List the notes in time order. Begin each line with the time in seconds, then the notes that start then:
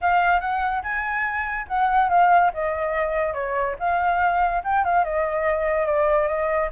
0.01 F5
0.40 F#5
0.83 G#5
1.67 F#5
2.09 F5
2.53 D#5
3.33 C#5
3.79 F5
4.64 G5
4.84 F5
5.04 D#5
5.86 D5
6.27 D#5